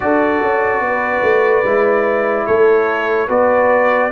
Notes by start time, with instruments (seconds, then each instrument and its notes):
0.00 tuba D4, trombone F#4, horn A4, trumpet D5
0.41 tuba C#4
0.80 tuba B3, horn B4
1.22 tuba A3
1.64 tuba G#3, trombone E4
2.46 tuba A3, horn A4, trumpet C#5
3.27 tuba B3, trombone F#4, horn B4, trumpet D5